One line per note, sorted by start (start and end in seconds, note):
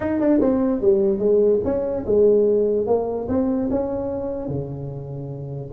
0.00 0.19 D#4
0.20 0.40 D4
0.40 0.81 C4
0.81 1.18 G3
1.18 1.59 G#3
1.64 2.05 C#4
2.06 2.86 G#3
2.86 3.27 A#3
3.28 3.69 C4
3.70 4.48 C#4
4.48 5.71 C#3